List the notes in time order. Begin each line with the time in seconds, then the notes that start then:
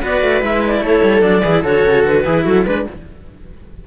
0.00 B3 F#4 B4 D5
0.22 A3
0.41 G#3 E4 E5
0.66 D5
0.80 A3 A4 C#5
1.03 G3
1.21 F#3 D4 D5
1.43 E3 E4 G#4
1.62 D3 F#4 A4 C#5
1.85 C#3
2.05 D3 B4
2.24 E3 E4 G#4
2.44 F#3 F#4 A4
2.66 G#3 D4 B4